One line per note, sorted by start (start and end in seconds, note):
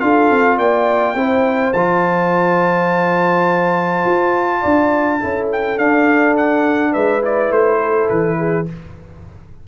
0.00 0.31 D4
0.00 1.15 F4
0.00 0.58 A4
0.00 0.58 F5
0.31 0.58 C4
0.58 1.15 A#3
0.58 1.16 D5
0.58 1.73 G5
1.15 1.73 C4
1.15 1.74 E4
1.15 4.61 C5
1.73 4.05 F3
1.73 5.21 F4
1.73 5.48 A5
4.06 4.63 F4
4.61 5.23 D4
4.61 5.19 D5
5.20 5.78 C#4
5.20 5.78 E4
5.20 6.92 A4
5.52 5.78 G5
5.78 6.94 D4
5.78 7.22 D4
5.78 6.36 F5
6.37 6.93 F#5
6.92 7.50 G#3
6.92 7.78 B4
6.92 7.22 E5
7.22 8.66 E4
7.22 7.52 D5
7.50 8.08 A3
7.50 8.09 C5
7.81 8.38 A4
8.09 8.68 E3
8.09 8.67 B4
8.38 8.67 G#4